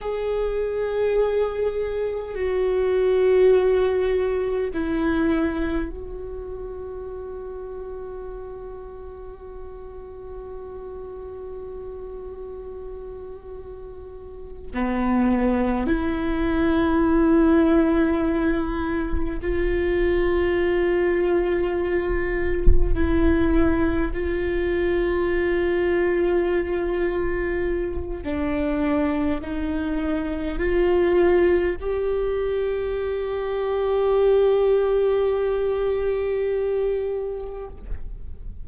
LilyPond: \new Staff \with { instrumentName = "viola" } { \time 4/4 \tempo 4 = 51 gis'2 fis'2 | e'4 fis'2.~ | fis'1~ | fis'8 b4 e'2~ e'8~ |
e'8 f'2. e'8~ | e'8 f'2.~ f'8 | d'4 dis'4 f'4 g'4~ | g'1 | }